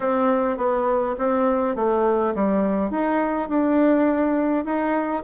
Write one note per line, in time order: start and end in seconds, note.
0.00 0.57 C4
0.57 1.15 B3
1.18 1.75 C4
1.75 2.34 A3
2.34 2.90 G3
2.90 3.48 D#4
3.48 4.64 D4
4.64 5.23 D#4